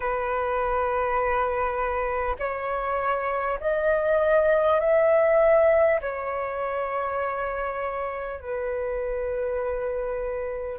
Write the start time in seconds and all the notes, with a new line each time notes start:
0.00 B4
2.39 C#5
3.60 D#5
4.80 E5
6.01 C#5
8.39 B4